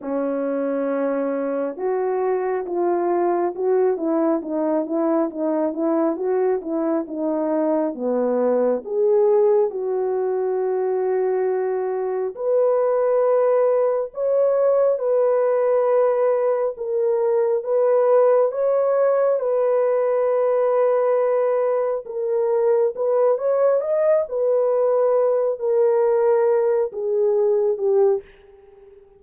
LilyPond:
\new Staff \with { instrumentName = "horn" } { \time 4/4 \tempo 4 = 68 cis'2 fis'4 f'4 | fis'8 e'8 dis'8 e'8 dis'8 e'8 fis'8 e'8 | dis'4 b4 gis'4 fis'4~ | fis'2 b'2 |
cis''4 b'2 ais'4 | b'4 cis''4 b'2~ | b'4 ais'4 b'8 cis''8 dis''8 b'8~ | b'4 ais'4. gis'4 g'8 | }